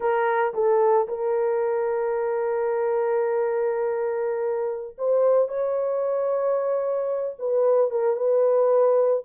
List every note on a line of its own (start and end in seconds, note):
0.00 0.53 A#4
0.54 1.07 A4
1.08 4.96 A#4
4.97 5.48 C5
5.48 7.35 C#5
7.38 7.90 B4
7.90 8.16 A#4
8.16 9.23 B4